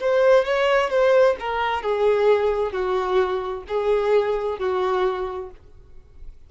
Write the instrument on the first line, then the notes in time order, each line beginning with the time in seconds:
violin
0.00 C5
0.45 C#5
0.90 C5
1.40 A#4
1.83 G#4
2.72 F#4
3.68 G#4
4.59 F#4